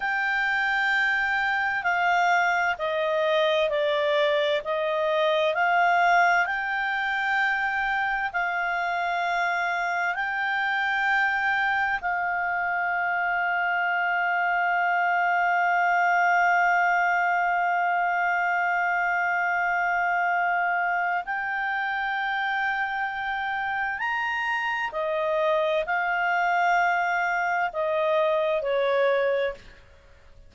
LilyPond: \new Staff \with { instrumentName = "clarinet" } { \time 4/4 \tempo 4 = 65 g''2 f''4 dis''4 | d''4 dis''4 f''4 g''4~ | g''4 f''2 g''4~ | g''4 f''2.~ |
f''1~ | f''2. g''4~ | g''2 ais''4 dis''4 | f''2 dis''4 cis''4 | }